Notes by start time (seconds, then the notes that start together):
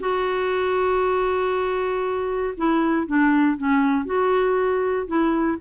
0.00 F#4
2.57 E4
3.07 D4
3.57 C#4
4.06 F#4
5.08 E4